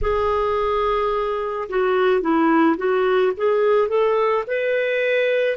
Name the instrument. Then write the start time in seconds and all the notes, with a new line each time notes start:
clarinet
0.02 G#4
1.69 F#4
2.21 E4
2.77 F#4
3.36 G#4
3.88 A4
4.47 B4